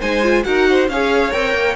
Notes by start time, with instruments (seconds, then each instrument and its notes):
0.00 cello G#3, viola D#4, violin C5 G#5
0.23 viola F4
0.44 cello D#4, viola F#4, violin A#4 F#5
0.70 violin C5
0.88 cello C#4, viola G#4, violin C#5 F5
1.31 cello C4, viola A#4, violin G5
1.54 cello A#3